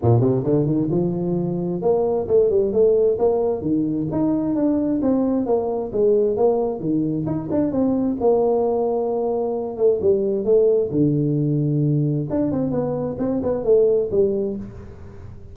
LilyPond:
\new Staff \with { instrumentName = "tuba" } { \time 4/4 \tempo 4 = 132 ais,8 c8 d8 dis8 f2 | ais4 a8 g8 a4 ais4 | dis4 dis'4 d'4 c'4 | ais4 gis4 ais4 dis4 |
dis'8 d'8 c'4 ais2~ | ais4. a8 g4 a4 | d2. d'8 c'8 | b4 c'8 b8 a4 g4 | }